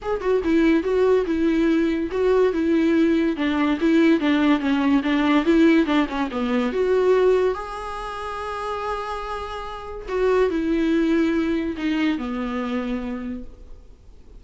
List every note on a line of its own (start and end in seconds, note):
0.02 0.20 G#4
0.20 0.41 F#4
0.44 0.83 E4
0.83 1.25 F#4
1.26 2.10 E4
2.11 2.52 F#4
2.52 3.36 E4
3.36 3.78 D4
3.80 4.20 E4
4.20 4.59 D4
4.59 5.01 C#4
5.03 5.45 D4
5.45 5.86 E4
5.86 6.07 D4
6.08 6.29 C#4
6.31 6.72 B3
6.72 7.54 F#4
7.54 10.06 G#4
10.08 10.50 F#4
10.50 11.75 E4
11.76 12.18 D#4
12.18 13.43 B3